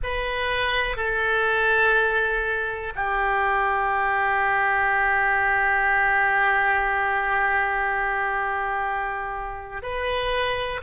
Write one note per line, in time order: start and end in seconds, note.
0.03 0.96 B4
0.96 2.92 A4
2.95 9.82 G4
9.82 10.81 B4